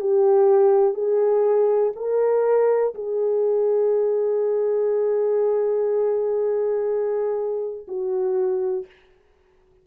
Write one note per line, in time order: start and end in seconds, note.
0.00 0.94 G4
0.94 1.92 G#4
1.96 2.94 A#4
2.95 7.86 G#4
7.87 8.86 F#4